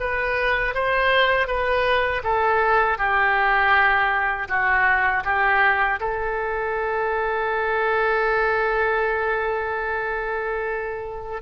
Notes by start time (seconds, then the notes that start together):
0.00 B4
0.74 C5
1.47 B4
2.24 A4
2.98 G4
4.49 F#4
5.25 G4
6.00 A4